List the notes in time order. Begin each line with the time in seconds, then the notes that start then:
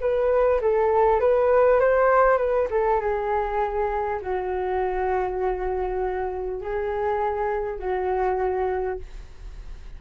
0.00 B4
0.61 A4
1.20 B4
1.79 C5
2.37 B4
2.70 A4
3.00 G#4
4.21 F#4
6.61 G#4
7.79 F#4